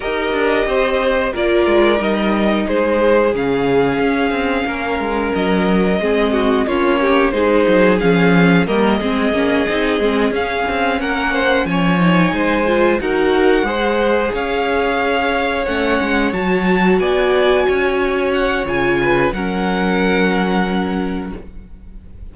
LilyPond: <<
  \new Staff \with { instrumentName = "violin" } { \time 4/4 \tempo 4 = 90 dis''2 d''4 dis''4 | c''4 f''2. | dis''2 cis''4 c''4 | f''4 dis''2~ dis''8 f''8~ |
f''8 fis''4 gis''2 fis''8~ | fis''4. f''2 fis''8~ | fis''8 a''4 gis''2 fis''8 | gis''4 fis''2. | }
  \new Staff \with { instrumentName = "violin" } { \time 4/4 ais'4 c''4 ais'2 | gis'2. ais'4~ | ais'4 gis'8 fis'8 f'8 g'8 gis'4~ | gis'4 ais'8 gis'2~ gis'8~ |
gis'8 ais'8 c''8 cis''4 c''4 ais'8~ | ais'8 c''4 cis''2~ cis''8~ | cis''4. d''4 cis''4.~ | cis''8 b'8 ais'2. | }
  \new Staff \with { instrumentName = "viola" } { \time 4/4 g'2 f'4 dis'4~ | dis'4 cis'2.~ | cis'4 c'4 cis'4 dis'4 | cis'4 ais8 c'8 cis'8 dis'8 c'8 cis'8~ |
cis'2 dis'4 f'8 fis'8~ | fis'8 gis'2. cis'8~ | cis'8 fis'2.~ fis'8 | f'4 cis'2. | }
  \new Staff \with { instrumentName = "cello" } { \time 4/4 dis'8 d'8 c'4 ais8 gis8 g4 | gis4 cis4 cis'8 c'8 ais8 gis8 | fis4 gis4 ais4 gis8 fis8 | f4 g8 gis8 ais8 c'8 gis8 cis'8 |
c'8 ais4 f4 gis4 dis'8~ | dis'8 gis4 cis'2 a8 | gis8 fis4 b4 cis'4. | cis4 fis2. | }
>>